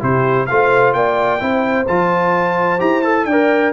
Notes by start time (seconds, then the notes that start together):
0.00 C3 E4 G4 C5
0.46 A3 F4 C5 F5
0.93 A#3 D5 G5
1.40 C4 E4 C5
1.87 F3 F4 A5
2.79 E4 G4 A#5
3.02 A4 A5
3.25 D4 D5 G5
3.32 A#4